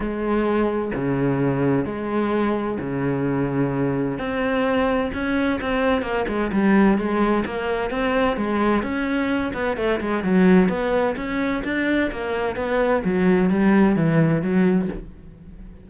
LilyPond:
\new Staff \with { instrumentName = "cello" } { \time 4/4 \tempo 4 = 129 gis2 cis2 | gis2 cis2~ | cis4 c'2 cis'4 | c'4 ais8 gis8 g4 gis4 |
ais4 c'4 gis4 cis'4~ | cis'8 b8 a8 gis8 fis4 b4 | cis'4 d'4 ais4 b4 | fis4 g4 e4 fis4 | }